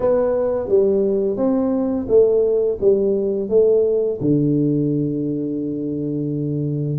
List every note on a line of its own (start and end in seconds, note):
0.00 0.68 B3
0.68 1.36 G3
1.36 2.06 C4
2.08 2.77 A3
2.80 3.49 G3
3.49 4.19 A3
4.20 6.99 D3